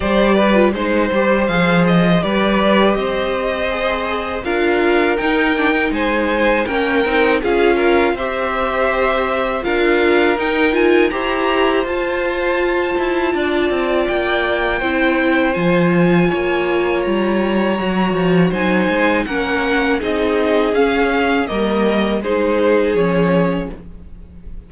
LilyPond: <<
  \new Staff \with { instrumentName = "violin" } { \time 4/4 \tempo 4 = 81 d''4 c''4 f''8 dis''8 d''4 | dis''2 f''4 g''4 | gis''4 g''4 f''4 e''4~ | e''4 f''4 g''8 gis''8 ais''4 |
a''2. g''4~ | g''4 gis''2 ais''4~ | ais''4 gis''4 fis''4 dis''4 | f''4 dis''4 c''4 cis''4 | }
  \new Staff \with { instrumentName = "violin" } { \time 4/4 c''8 b'8 c''2 b'4 | c''2 ais'2 | c''4 ais'4 gis'8 ais'8 c''4~ | c''4 ais'2 c''4~ |
c''2 d''2 | c''2 cis''2~ | cis''4 c''4 ais'4 gis'4~ | gis'4 ais'4 gis'2 | }
  \new Staff \with { instrumentName = "viola" } { \time 4/4 g'8. f'16 dis'8 g'8 gis'4 g'4~ | g'4 gis'4 f'4 dis'8 d'16 dis'16~ | dis'4 cis'8 dis'8 f'4 g'4~ | g'4 f'4 dis'8 f'8 g'4 |
f'1 | e'4 f'2. | fis'4 dis'4 cis'4 dis'4 | cis'4 ais4 dis'4 cis'4 | }
  \new Staff \with { instrumentName = "cello" } { \time 4/4 g4 gis8 g8 f4 g4 | c'2 d'4 dis'4 | gis4 ais8 c'8 cis'4 c'4~ | c'4 d'4 dis'4 e'4 |
f'4. e'8 d'8 c'8 ais4 | c'4 f4 ais4 g4 | fis8 f8 fis8 gis8 ais4 c'4 | cis'4 g4 gis4 f4 | }
>>